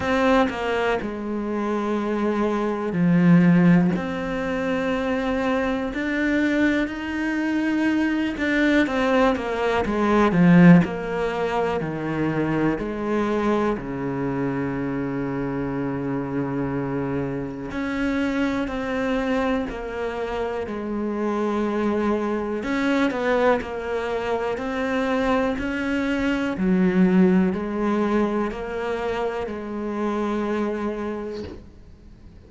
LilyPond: \new Staff \with { instrumentName = "cello" } { \time 4/4 \tempo 4 = 61 c'8 ais8 gis2 f4 | c'2 d'4 dis'4~ | dis'8 d'8 c'8 ais8 gis8 f8 ais4 | dis4 gis4 cis2~ |
cis2 cis'4 c'4 | ais4 gis2 cis'8 b8 | ais4 c'4 cis'4 fis4 | gis4 ais4 gis2 | }